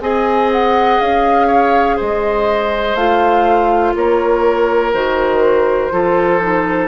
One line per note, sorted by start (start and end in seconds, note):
0.00 0.98 C4
0.00 2.96 G#4
0.00 1.47 D#5
0.00 0.50 G#5
0.52 1.00 F#5
1.00 1.99 C#4
1.00 1.98 F5
1.47 1.96 C#5
1.96 2.94 G#3
1.96 3.93 C5
1.96 2.95 D#5
2.94 3.93 A3
2.94 4.93 F4
2.94 3.93 F5
3.95 4.93 A#3
3.95 5.92 A#4
3.95 4.93 C#5
4.93 5.92 D#3
4.93 5.90 F#4
4.93 6.88 C5
5.90 6.88 F3
5.90 6.40 F4
5.90 6.88 A4
6.40 6.88 D#4